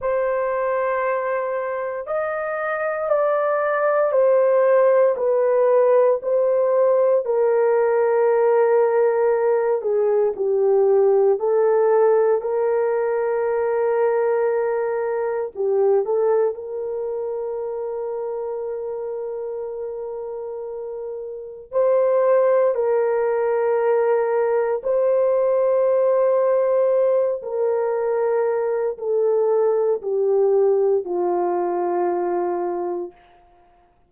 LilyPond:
\new Staff \with { instrumentName = "horn" } { \time 4/4 \tempo 4 = 58 c''2 dis''4 d''4 | c''4 b'4 c''4 ais'4~ | ais'4. gis'8 g'4 a'4 | ais'2. g'8 a'8 |
ais'1~ | ais'4 c''4 ais'2 | c''2~ c''8 ais'4. | a'4 g'4 f'2 | }